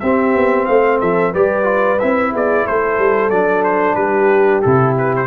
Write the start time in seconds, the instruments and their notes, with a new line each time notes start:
0.00 tuba C4, trombone C4, horn G4, trumpet E5
0.35 tuba B3
0.66 tuba A3, horn C5, trumpet F5
1.00 tuba F3, horn A4, trumpet E5
1.33 tuba G3, trombone G4, horn B4, trumpet D5
1.64 trombone F4
2.00 tuba C4, trombone E4, trumpet E5
2.32 tuba B3, horn G#4, trumpet D5
2.65 tuba A3, horn A4, trumpet C5
2.99 tuba G3
3.30 tuba F#3, trombone D4, trumpet D5
3.64 trumpet C5
3.95 tuba G3, horn G4, trumpet B4
4.62 tuba C3, trombone E4, trumpet A4
4.98 trumpet B4
5.16 trumpet C5